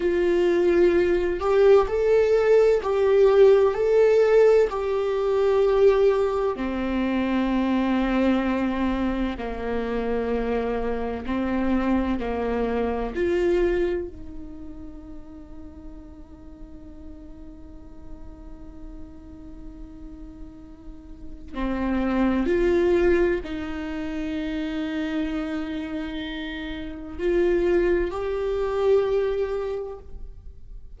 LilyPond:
\new Staff \with { instrumentName = "viola" } { \time 4/4 \tempo 4 = 64 f'4. g'8 a'4 g'4 | a'4 g'2 c'4~ | c'2 ais2 | c'4 ais4 f'4 dis'4~ |
dis'1~ | dis'2. c'4 | f'4 dis'2.~ | dis'4 f'4 g'2 | }